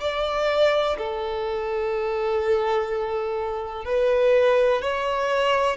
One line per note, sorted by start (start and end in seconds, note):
0.00 0.97 D5
0.98 3.85 A4
3.85 4.82 B4
4.82 5.77 C#5